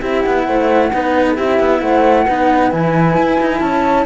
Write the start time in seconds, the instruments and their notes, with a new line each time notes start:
0.00 cello C4 E4, horn G4, flute E5
0.22 cello B3, flute F#5
0.47 cello A3, horn C5
0.93 cello B3 D#4, horn B4
1.28 horn A4
1.35 cello C4 E4, horn G4, flute E5
1.59 cello B3
1.80 cello A3, horn C5, flute F#5
2.25 cello B3 D#4, horn B4
2.71 cello E3 E4, flute G#5
3.17 cello E4
3.40 cello D#4
3.60 cello C#4, horn C#5, flute A5